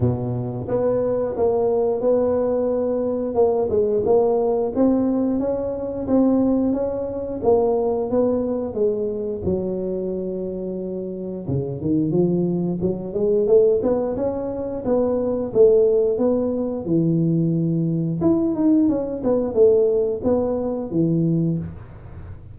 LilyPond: \new Staff \with { instrumentName = "tuba" } { \time 4/4 \tempo 4 = 89 b,4 b4 ais4 b4~ | b4 ais8 gis8 ais4 c'4 | cis'4 c'4 cis'4 ais4 | b4 gis4 fis2~ |
fis4 cis8 dis8 f4 fis8 gis8 | a8 b8 cis'4 b4 a4 | b4 e2 e'8 dis'8 | cis'8 b8 a4 b4 e4 | }